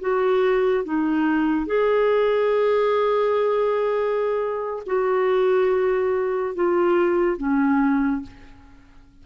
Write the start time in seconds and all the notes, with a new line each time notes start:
0.00 F#4
0.84 D#4
1.66 G#4
4.86 F#4
6.55 F4
7.38 C#4